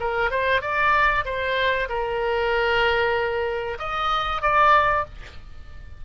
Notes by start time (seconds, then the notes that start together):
0.00 A#4
0.31 C5
0.61 D5
1.25 C5
1.89 A#4
3.79 D#5
4.42 D5